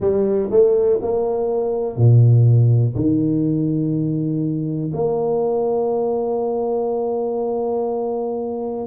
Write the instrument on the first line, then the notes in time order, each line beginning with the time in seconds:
tuba
0.00 G3
0.50 A3
1.01 A#3
1.96 A#2
2.95 D#3
4.93 A#3